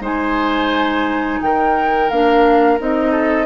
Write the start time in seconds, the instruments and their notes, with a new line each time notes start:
0.00 bassoon G#3, clarinet D#4, oboe C5, flute G#5
1.41 bassoon D#3, oboe A#4, flute G5
2.09 bassoon A#3, clarinet D4, flute F5
2.78 bassoon C4, clarinet D#4, flute D#5
3.11 oboe A4